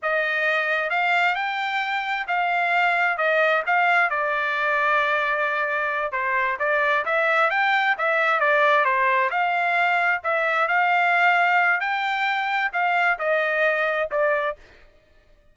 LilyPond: \new Staff \with { instrumentName = "trumpet" } { \time 4/4 \tempo 4 = 132 dis''2 f''4 g''4~ | g''4 f''2 dis''4 | f''4 d''2.~ | d''4. c''4 d''4 e''8~ |
e''8 g''4 e''4 d''4 c''8~ | c''8 f''2 e''4 f''8~ | f''2 g''2 | f''4 dis''2 d''4 | }